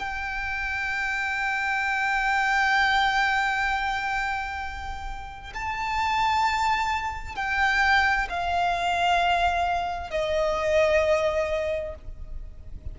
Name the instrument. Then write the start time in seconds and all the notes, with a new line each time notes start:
violin
0.00 G5
5.55 A5
7.36 G5
8.30 F5
10.11 D#5